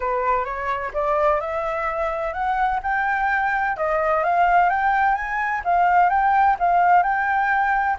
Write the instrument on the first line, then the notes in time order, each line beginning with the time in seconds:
flute
0.00 B4
0.44 C#5
0.93 D5
1.40 E5
2.33 F#5
2.83 G5
3.76 D#5
4.23 F5
4.69 G5
5.14 G#5
5.64 F5
6.09 G5
6.59 F5
7.02 G5